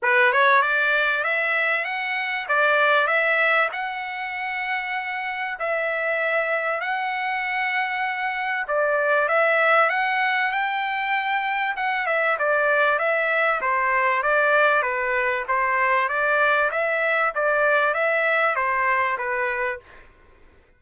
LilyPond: \new Staff \with { instrumentName = "trumpet" } { \time 4/4 \tempo 4 = 97 b'8 cis''8 d''4 e''4 fis''4 | d''4 e''4 fis''2~ | fis''4 e''2 fis''4~ | fis''2 d''4 e''4 |
fis''4 g''2 fis''8 e''8 | d''4 e''4 c''4 d''4 | b'4 c''4 d''4 e''4 | d''4 e''4 c''4 b'4 | }